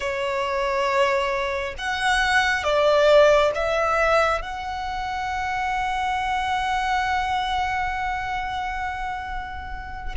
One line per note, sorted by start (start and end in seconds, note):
0.00 1.74 C#5
1.78 2.63 F#5
2.63 3.51 D5
3.54 4.41 E5
4.41 10.15 F#5